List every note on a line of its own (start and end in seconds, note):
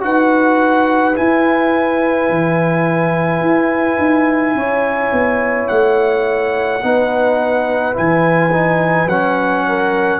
0.00 1.17 D#4
0.00 1.13 F#4
0.00 4.57 B4
0.00 1.16 F#5
1.14 6.80 E4
1.14 2.29 E4
1.14 5.68 G#5
2.29 3.41 E3
3.41 3.97 E4
3.98 4.54 D#4
4.54 5.11 C#4
4.54 6.83 C#5
5.12 5.69 B3
5.68 6.83 A3
5.68 7.94 F#5
6.83 7.96 B3
6.83 7.93 D#4
6.83 9.68 B4
7.93 9.06 E3
7.93 8.50 E4
7.93 9.08 G#5
8.51 9.08 D#4
9.06 10.19 F#3
9.06 10.19 C#4
9.06 10.19 F#5
9.68 10.19 A#4